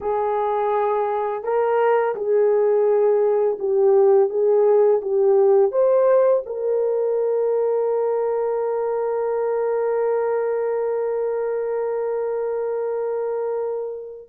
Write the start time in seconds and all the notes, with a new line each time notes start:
0.00 G#4
1.43 A#4
2.15 G#4
3.59 G4
4.29 G#4
5.01 G4
5.71 C5
6.46 A#4